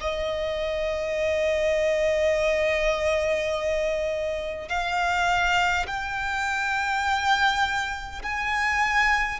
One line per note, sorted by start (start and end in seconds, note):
0.00 4.68 D#5
4.68 5.86 F5
5.87 8.22 G5
8.22 9.40 G#5